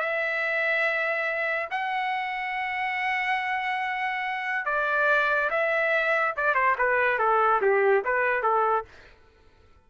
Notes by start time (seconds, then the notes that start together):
0.00 E5
1.71 F#5
4.65 D5
5.50 E5
6.37 D5
6.55 C5
6.78 B4
7.19 A4
7.62 G4
8.05 B4
8.43 A4